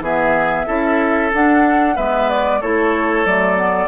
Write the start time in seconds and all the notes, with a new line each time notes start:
0.00 E3 B3 G#4 E5
0.67 C#4 E4 A4
1.33 D4 F#5
1.96 G#3 B3 B4 E5
2.30 D5
2.61 A3 E4 A4 C#5
3.25 F#3 A3 D5
3.57 B3